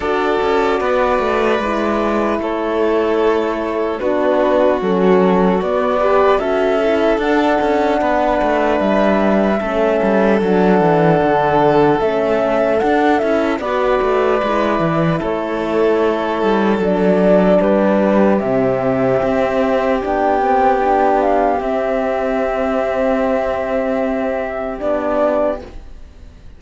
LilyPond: <<
  \new Staff \with { instrumentName = "flute" } { \time 4/4 \tempo 4 = 75 d''2. cis''4~ | cis''4 b'4 a'4 d''4 | e''4 fis''2 e''4~ | e''4 fis''2 e''4 |
fis''8 e''8 d''2 cis''4~ | cis''4 d''4 b'4 e''4~ | e''4 g''4. f''8 e''4~ | e''2. d''4 | }
  \new Staff \with { instrumentName = "violin" } { \time 4/4 a'4 b'2 a'4~ | a'4 fis'2~ fis'8 b'8 | a'2 b'2 | a'1~ |
a'4 b'2 a'4~ | a'2 g'2~ | g'1~ | g'1 | }
  \new Staff \with { instrumentName = "horn" } { \time 4/4 fis'2 e'2~ | e'4 d'4 cis'4 b8 g'8 | fis'8 e'8 d'2. | cis'4 d'2 cis'4 |
d'8 e'8 fis'4 e'2~ | e'4 d'2 c'4~ | c'4 d'8 c'8 d'4 c'4~ | c'2. d'4 | }
  \new Staff \with { instrumentName = "cello" } { \time 4/4 d'8 cis'8 b8 a8 gis4 a4~ | a4 b4 fis4 b4 | cis'4 d'8 cis'8 b8 a8 g4 | a8 g8 fis8 e8 d4 a4 |
d'8 cis'8 b8 a8 gis8 e8 a4~ | a8 g8 fis4 g4 c4 | c'4 b2 c'4~ | c'2. b4 | }
>>